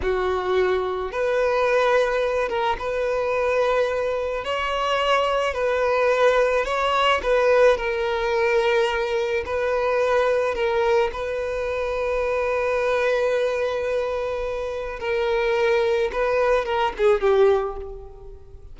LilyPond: \new Staff \with { instrumentName = "violin" } { \time 4/4 \tempo 4 = 108 fis'2 b'2~ | b'8 ais'8 b'2. | cis''2 b'2 | cis''4 b'4 ais'2~ |
ais'4 b'2 ais'4 | b'1~ | b'2. ais'4~ | ais'4 b'4 ais'8 gis'8 g'4 | }